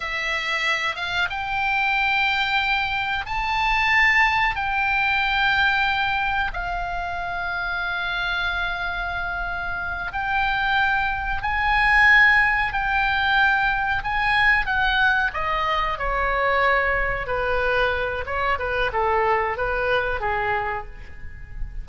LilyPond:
\new Staff \with { instrumentName = "oboe" } { \time 4/4 \tempo 4 = 92 e''4. f''8 g''2~ | g''4 a''2 g''4~ | g''2 f''2~ | f''2.~ f''8 g''8~ |
g''4. gis''2 g''8~ | g''4. gis''4 fis''4 dis''8~ | dis''8 cis''2 b'4. | cis''8 b'8 a'4 b'4 gis'4 | }